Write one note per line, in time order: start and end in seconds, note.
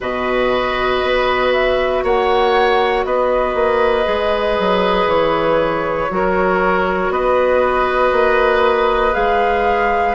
0.00 1.03 B2
0.00 4.04 F#4
0.00 2.04 B4
0.00 1.52 D#5
1.03 2.03 B3
1.52 2.03 E5
2.03 3.04 A#3
2.03 3.05 C#5
2.03 3.05 F#5
3.04 3.54 B3
3.04 6.11 B4
3.04 5.08 D#5
3.54 4.05 A#3
4.04 4.58 G#3
4.04 6.07 G#4
4.59 5.06 F#3
5.06 6.08 E3
5.06 7.11 C#5
6.09 7.09 F#3
6.09 9.12 F#4
6.09 7.12 A#4
7.09 8.11 B3
7.09 10.15 B4
7.09 9.14 D#5
8.12 9.14 A#3
9.12 10.15 G#3
9.12 10.14 G#4
9.12 10.15 F5